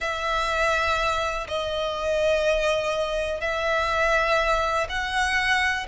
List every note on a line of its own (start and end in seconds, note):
0.00 1.47 E5
1.47 3.40 D#5
3.40 4.87 E5
4.89 5.86 F#5